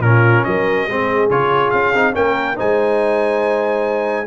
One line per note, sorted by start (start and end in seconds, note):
0.00 0.43 A#2
0.00 0.89 C#4
0.00 0.46 F4
0.00 0.44 A#4
0.44 0.87 F#3
0.44 0.88 A#4
0.44 1.29 D#5
0.87 1.30 G#3
0.87 1.30 C4
0.87 2.15 G#4
1.30 1.73 C#3
1.30 1.94 F4
1.30 1.71 C#5
1.71 1.94 C#4
1.71 2.13 F5
1.94 2.16 C4
1.94 2.14 D#4
2.14 2.59 A#3
2.14 2.56 C#4
2.14 2.56 A#4
2.14 2.58 G5
2.56 4.28 G#3
2.56 4.26 D#4
2.56 4.26 C5
2.56 4.28 G#5